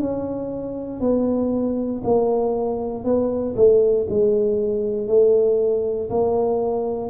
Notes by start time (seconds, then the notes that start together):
0.00 C#4
1.00 B3
2.03 A#3
3.04 B3
3.56 A3
4.09 G#3
5.07 A3
6.10 A#3